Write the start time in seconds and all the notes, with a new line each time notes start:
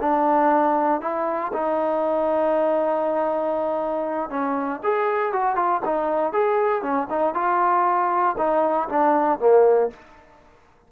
0.00 D4
1.01 E4
1.52 D#4
4.29 C#4
4.83 G#4
5.32 F#4
5.55 F4
5.85 D#4
6.32 G#4
6.82 C#4
7.09 D#4
7.34 F4
8.38 D#4
8.89 D4
9.39 A#3